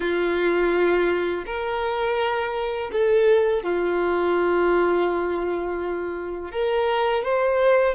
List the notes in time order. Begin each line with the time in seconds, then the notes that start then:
0.00 F4
1.46 A#4
2.91 A4
3.63 F4
6.51 A#4
7.24 C5